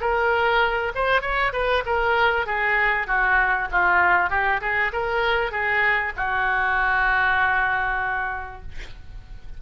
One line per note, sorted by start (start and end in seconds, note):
0.00 0.92 A#4
0.95 1.21 C5
1.21 1.52 C#5
1.53 1.83 B4
1.85 2.46 A#4
2.46 3.07 G#4
3.07 3.68 F#4
3.71 4.30 F4
4.30 4.60 G4
4.61 4.91 G#4
4.92 5.51 A#4
5.51 6.12 G#4
6.16 8.61 F#4